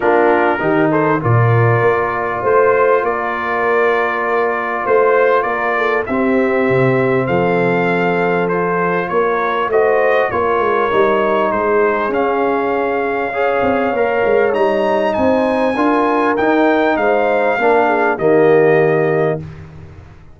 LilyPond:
<<
  \new Staff \with { instrumentName = "trumpet" } { \time 4/4 \tempo 4 = 99 ais'4. c''8 d''2 | c''4 d''2. | c''4 d''4 e''2 | f''2 c''4 cis''4 |
dis''4 cis''2 c''4 | f''1 | ais''4 gis''2 g''4 | f''2 dis''2 | }
  \new Staff \with { instrumentName = "horn" } { \time 4/4 f'4 g'8 a'8 ais'2 | c''4 ais'2. | c''4 ais'8 a'8 g'2 | a'2. ais'4 |
c''4 ais'2 gis'4~ | gis'2 cis''2~ | cis''4 c''4 ais'2 | c''4 ais'8 gis'8 g'2 | }
  \new Staff \with { instrumentName = "trombone" } { \time 4/4 d'4 dis'4 f'2~ | f'1~ | f'2 c'2~ | c'2 f'2 |
fis'4 f'4 dis'2 | cis'2 gis'4 ais'4 | dis'2 f'4 dis'4~ | dis'4 d'4 ais2 | }
  \new Staff \with { instrumentName = "tuba" } { \time 4/4 ais4 dis4 ais,4 ais4 | a4 ais2. | a4 ais4 c'4 c4 | f2. ais4 |
a4 ais8 gis8 g4 gis4 | cis'2~ cis'8 c'8 ais8 gis8 | g4 c'4 d'4 dis'4 | gis4 ais4 dis2 | }
>>